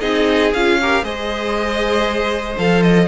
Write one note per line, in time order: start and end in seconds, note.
0.00 0.54 C4
0.00 0.52 D#4
0.00 0.77 G#4
0.00 0.51 D#5
0.53 1.02 C#4
0.53 0.81 F4
0.53 1.04 F5
0.81 1.04 G4
0.81 1.03 A#4
1.02 2.56 G#3
1.02 2.57 G#4
1.02 3.08 C5
1.02 2.58 D#5
2.58 3.08 F3
2.58 3.08 A4
2.58 2.83 F5
2.83 3.08 D#5